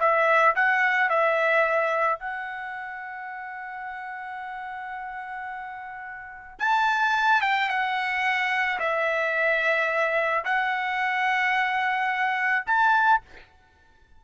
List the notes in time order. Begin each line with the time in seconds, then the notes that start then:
0.00 E5
0.56 F#5
1.10 E5
2.20 F#5
6.59 A5
7.42 G5
7.69 F#5
8.79 E5
10.45 F#5
12.67 A5